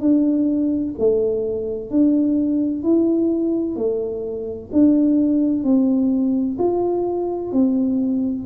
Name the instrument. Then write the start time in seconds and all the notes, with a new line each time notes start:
tuba
0.00 D4
0.98 A3
1.90 D4
2.83 E4
3.76 A3
4.72 D4
5.63 C4
6.58 F4
7.52 C4